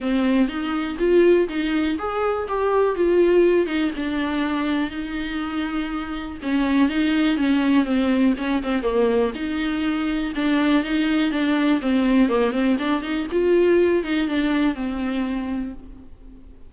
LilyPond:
\new Staff \with { instrumentName = "viola" } { \time 4/4 \tempo 4 = 122 c'4 dis'4 f'4 dis'4 | gis'4 g'4 f'4. dis'8 | d'2 dis'2~ | dis'4 cis'4 dis'4 cis'4 |
c'4 cis'8 c'8 ais4 dis'4~ | dis'4 d'4 dis'4 d'4 | c'4 ais8 c'8 d'8 dis'8 f'4~ | f'8 dis'8 d'4 c'2 | }